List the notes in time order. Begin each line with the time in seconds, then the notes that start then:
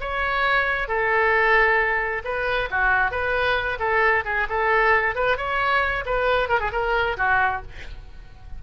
0.00 C#5
0.88 A4
2.24 B4
2.70 F#4
3.11 B4
3.79 A4
4.24 G#4
4.49 A4
5.15 B4
5.37 C#5
6.05 B4
6.49 A#4
6.60 G#4
6.72 A#4
7.17 F#4